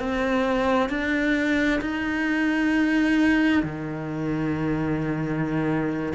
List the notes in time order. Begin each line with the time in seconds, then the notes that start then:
0.00 C4
0.90 D4
1.81 D#4
3.64 D#3